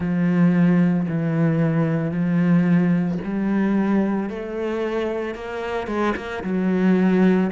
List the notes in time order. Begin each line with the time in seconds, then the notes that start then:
0.00 F3
1.08 E3
2.11 F3
3.24 G3
4.29 A3
5.35 A#3
5.87 G#3
6.16 A#3
6.43 F#3